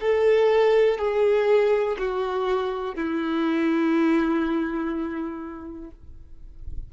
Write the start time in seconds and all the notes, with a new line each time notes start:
0.00 A4
0.98 G#4
1.98 F#4
2.95 E4